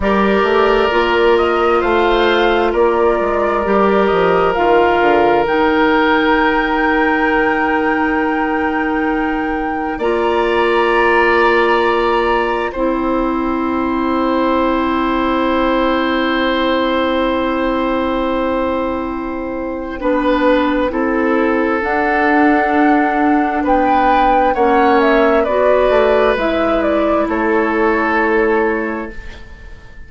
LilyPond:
<<
  \new Staff \with { instrumentName = "flute" } { \time 4/4 \tempo 4 = 66 d''4. dis''8 f''4 d''4~ | d''8 dis''8 f''4 g''2~ | g''2. ais''4~ | ais''2 g''2~ |
g''1~ | g''1 | fis''2 g''4 fis''8 e''8 | d''4 e''8 d''8 cis''2 | }
  \new Staff \with { instrumentName = "oboe" } { \time 4/4 ais'2 c''4 ais'4~ | ais'1~ | ais'2. d''4~ | d''2 c''2~ |
c''1~ | c''2 b'4 a'4~ | a'2 b'4 cis''4 | b'2 a'2 | }
  \new Staff \with { instrumentName = "clarinet" } { \time 4/4 g'4 f'2. | g'4 f'4 dis'2~ | dis'2. f'4~ | f'2 e'2~ |
e'1~ | e'2 d'4 e'4 | d'2. cis'4 | fis'4 e'2. | }
  \new Staff \with { instrumentName = "bassoon" } { \time 4/4 g8 a8 ais4 a4 ais8 gis8 | g8 f8 dis8 d8 dis2~ | dis2. ais4~ | ais2 c'2~ |
c'1~ | c'2 b4 c'4 | d'2 b4 ais4 | b8 a8 gis4 a2 | }
>>